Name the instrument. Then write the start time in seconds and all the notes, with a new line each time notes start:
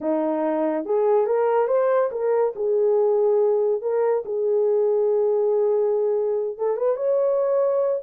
horn
0.01 D#4
0.85 G#4
1.26 A#4
1.67 C5
2.11 A#4
2.55 G#4
3.81 A#4
4.25 G#4
6.57 A4
6.76 B4
6.96 C#5